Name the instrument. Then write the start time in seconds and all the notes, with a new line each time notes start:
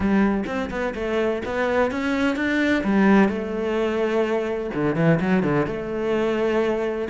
cello
0.00 G3
0.46 C4
0.70 B3
0.94 A3
1.45 B3
1.91 C#4
2.36 D4
2.84 G3
3.28 A3
4.74 D3
4.95 E3
5.20 F#3
5.42 D3
5.66 A3